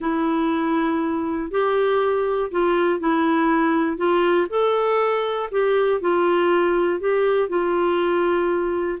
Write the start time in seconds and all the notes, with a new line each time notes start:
0.00 E4
1.50 G4
2.51 F4
2.99 E4
3.97 F4
4.49 A4
5.51 G4
6.00 F4
7.00 G4
7.48 F4